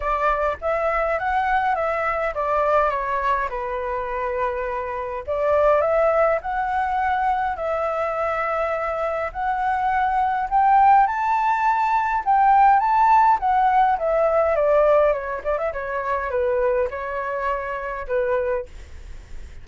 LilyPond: \new Staff \with { instrumentName = "flute" } { \time 4/4 \tempo 4 = 103 d''4 e''4 fis''4 e''4 | d''4 cis''4 b'2~ | b'4 d''4 e''4 fis''4~ | fis''4 e''2. |
fis''2 g''4 a''4~ | a''4 g''4 a''4 fis''4 | e''4 d''4 cis''8 d''16 e''16 cis''4 | b'4 cis''2 b'4 | }